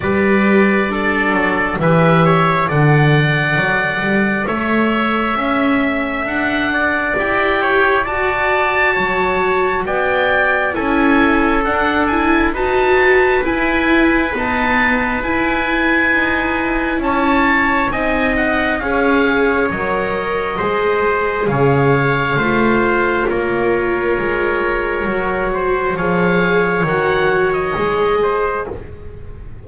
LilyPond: <<
  \new Staff \with { instrumentName = "oboe" } { \time 4/4 \tempo 4 = 67 d''2 e''4 fis''4~ | fis''4 e''2 fis''4 | g''4 a''2 g''4 | gis''4 fis''8 gis''8 a''4 gis''4 |
a''4 gis''2 a''4 | gis''8 fis''8 f''4 dis''2 | f''2 cis''2~ | cis''4 f''4 fis''8. dis''4~ dis''16 | }
  \new Staff \with { instrumentName = "trumpet" } { \time 4/4 b'4 a'4 b'8 cis''8 d''4~ | d''4 cis''4 e''4. d''8~ | d''8 cis''8 d''4 cis''4 d''4 | a'2 b'2~ |
b'2. cis''4 | dis''4 cis''2 c''4 | cis''4 c''4 ais'2~ | ais'8 c''8 cis''2~ cis''8 c''8 | }
  \new Staff \with { instrumentName = "viola" } { \time 4/4 g'4 d'4 g'4 a'4~ | a'1 | g'4 fis'2. | e'4 d'8 e'8 fis'4 e'4 |
b4 e'2. | dis'4 gis'4 ais'4 gis'4~ | gis'4 f'2. | fis'4 gis'4 fis'4 gis'4 | }
  \new Staff \with { instrumentName = "double bass" } { \time 4/4 g4. fis8 e4 d4 | fis8 g8 a4 cis'4 d'4 | e'4 fis'4 fis4 b4 | cis'4 d'4 dis'4 e'4 |
dis'4 e'4 dis'4 cis'4 | c'4 cis'4 fis4 gis4 | cis4 a4 ais4 gis4 | fis4 f4 dis4 gis4 | }
>>